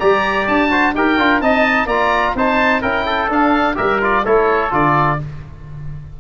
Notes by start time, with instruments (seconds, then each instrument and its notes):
0.00 tuba G3, trombone G4, trumpet D5, oboe A#5
0.48 tuba D4, oboe A5
0.71 trombone F#4, trumpet C5
0.95 tuba D#4, trombone G4, trumpet A#4, oboe G5
1.18 tuba D4, trombone F4
1.42 tuba C4, trombone D#4, trumpet D#5, oboe A5
1.86 tuba A#3, trombone F4, trumpet D5, oboe A#5
2.35 tuba C4, trombone D#4, trumpet C5, oboe A5
2.82 tuba C#4, trombone E4, trumpet A#4, oboe G5
3.06 trumpet A4
3.30 tuba D4, trombone D4, oboe F5
3.75 tuba G3, trombone G4, trumpet A#4, oboe E5
4.01 trombone F4, oboe D5
4.25 tuba A3, trombone E4, trumpet A4, oboe C#5
4.71 tuba D3, trombone F4, oboe D5